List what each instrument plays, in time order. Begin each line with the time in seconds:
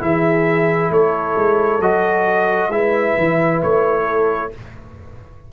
0.00 tuba E3, trombone E4, horn G#4, trumpet E5
0.90 tuba A3, horn A4, trumpet C#5
1.36 tuba G#3
1.80 tuba F#3, trombone F#4, trumpet D#5
2.69 tuba G#3, trombone E4, horn B4, trumpet E5
3.18 tuba E3
3.63 tuba A3, trumpet C#5
4.04 horn A4